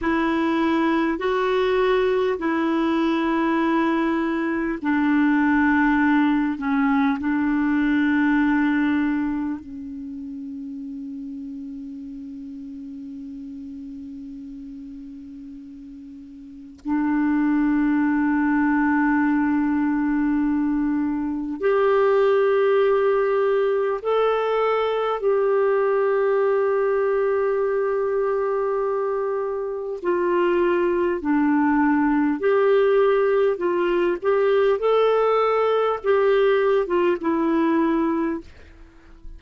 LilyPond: \new Staff \with { instrumentName = "clarinet" } { \time 4/4 \tempo 4 = 50 e'4 fis'4 e'2 | d'4. cis'8 d'2 | cis'1~ | cis'2 d'2~ |
d'2 g'2 | a'4 g'2.~ | g'4 f'4 d'4 g'4 | f'8 g'8 a'4 g'8. f'16 e'4 | }